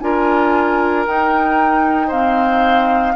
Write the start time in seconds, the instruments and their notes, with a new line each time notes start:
0.00 bassoon D4, clarinet F4, oboe A#4, flute G#5
1.07 clarinet D#4, bassoon D#4, flute G5
2.08 clarinet C4, oboe C5, flute F5